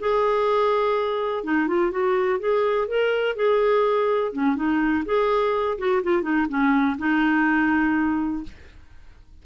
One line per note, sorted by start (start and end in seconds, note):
0.00 1.44 G#4
1.44 1.68 D#4
1.68 1.91 F4
1.91 2.40 F#4
2.40 2.88 G#4
2.88 3.36 A#4
3.36 4.33 G#4
4.33 4.56 C#4
4.56 5.05 D#4
5.05 5.78 G#4
5.78 6.02 F#4
6.03 6.22 F4
6.22 6.47 D#4
6.49 6.97 C#4
6.98 8.43 D#4